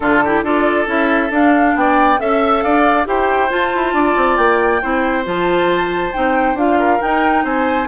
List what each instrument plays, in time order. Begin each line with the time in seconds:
0.00 bassoon D3, clarinet D4, oboe F4, flute A4
0.24 clarinet E4, oboe G4
0.42 bassoon D4, clarinet F4, oboe A4, flute D5
0.86 bassoon C#4, clarinet E4, flute E5
1.30 bassoon D4, clarinet D4, flute F5
1.75 bassoon B3, oboe D5, flute G5
2.18 bassoon C#4, clarinet A4, flute E5, oboe E5
2.62 bassoon D4, oboe D5, flute F5
3.04 bassoon E4, clarinet G4, oboe C5, flute G5
3.49 clarinet F4, bassoon F4, flute A5
3.75 bassoon E4
3.93 bassoon D4, oboe D5
4.16 bassoon C4
4.37 bassoon A#3, flute G5
4.81 bassoon C4, clarinet E4, oboe C5
5.24 bassoon F3, clarinet F4, flute A5
6.12 bassoon C4, clarinet D#4, flute G5
6.54 bassoon D4, clarinet F4, flute F5
6.78 oboe A#4
6.99 clarinet D#4, bassoon D#4, flute G5
7.44 bassoon C4, oboe C5, flute G#5